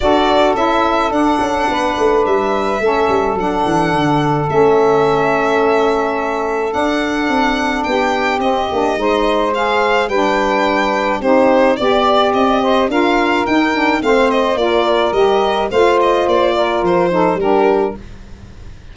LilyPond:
<<
  \new Staff \with { instrumentName = "violin" } { \time 4/4 \tempo 4 = 107 d''4 e''4 fis''2 | e''2 fis''2 | e''1 | fis''2 g''4 dis''4~ |
dis''4 f''4 g''2 | c''4 d''4 dis''4 f''4 | g''4 f''8 dis''8 d''4 dis''4 | f''8 dis''8 d''4 c''4 ais'4 | }
  \new Staff \with { instrumentName = "saxophone" } { \time 4/4 a'2. b'4~ | b'4 a'2.~ | a'1~ | a'2 g'2 |
c''2 b'2 | g'4 d''4. c''8 ais'4~ | ais'4 c''4 ais'2 | c''4. ais'4 a'8 g'4 | }
  \new Staff \with { instrumentName = "saxophone" } { \time 4/4 fis'4 e'4 d'2~ | d'4 cis'4 d'2 | cis'1 | d'2. c'8 d'8 |
dis'4 gis'4 d'2 | dis'4 g'2 f'4 | dis'8 d'8 c'4 f'4 g'4 | f'2~ f'8 dis'8 d'4 | }
  \new Staff \with { instrumentName = "tuba" } { \time 4/4 d'4 cis'4 d'8 cis'8 b8 a8 | g4 a8 g8 fis8 e8 d4 | a1 | d'4 c'4 b4 c'8 ais8 |
gis2 g2 | c'4 b4 c'4 d'4 | dis'4 a4 ais4 g4 | a4 ais4 f4 g4 | }
>>